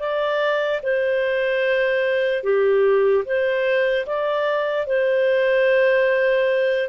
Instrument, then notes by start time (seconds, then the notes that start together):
clarinet
0.00 D5
0.83 C5
2.44 G4
3.25 C5
4.07 D5
4.87 C5